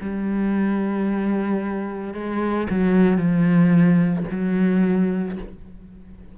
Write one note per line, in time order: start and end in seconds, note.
0.00 2.14 G3
2.14 2.67 G#3
2.70 3.17 F#3
3.17 4.24 F3
4.31 5.38 F#3